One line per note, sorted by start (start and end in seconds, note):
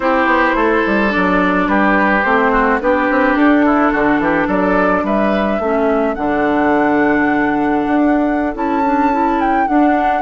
0.00 0.25 C4
0.00 1.09 E4
0.00 0.55 G4
0.00 1.11 C5
0.25 0.54 B3
0.55 0.83 A3
0.55 1.68 A4
0.86 1.14 G3
1.09 2.21 D4
1.09 1.68 D5
1.16 1.67 F#3
1.67 2.23 G3
1.67 2.51 G4
1.67 2.22 B4
2.22 2.80 A3
2.22 2.80 C4
2.22 2.78 C5
2.51 2.79 F#4
2.80 3.09 B3
2.80 5.61 D4
2.80 3.65 G4
2.80 3.36 B4
3.10 3.35 C4
3.35 3.91 D4
3.35 4.48 A4
3.65 3.92 E4
3.92 4.19 D3
3.92 4.20 F#4
4.19 4.47 E3
4.19 4.47 G4
4.47 5.03 F#3
4.47 5.03 A4
4.47 5.05 D5
5.03 5.59 G3
5.03 5.61 B4
5.03 6.14 E5
5.59 6.15 A3
5.59 6.15 C#4
5.59 10.22 A4
6.14 7.85 D3
6.14 8.54 D4
6.14 8.53 F#5
7.86 8.55 D4
8.54 9.67 C#4
8.54 8.82 E4
8.54 9.40 A5
8.83 9.11 D4
9.11 9.67 E4
9.40 9.67 G5
9.67 10.22 D4
9.67 10.22 F#5